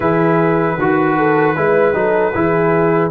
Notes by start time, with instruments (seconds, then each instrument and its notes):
0.00 tuba E3, trombone E4, horn G#4, trumpet B4
0.78 tuba D#3, horn F#4, trombone F#4
1.17 horn A4
1.56 tuba G#3, trombone E4, horn B4
1.94 tuba F#3, trombone D#4, horn A4
2.33 tuba E3, trombone E4, horn G#4